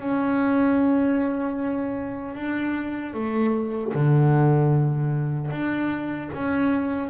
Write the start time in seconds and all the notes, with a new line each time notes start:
0.00 C#4
2.35 D4
3.14 A3
3.95 D3
5.51 D4
6.34 C#4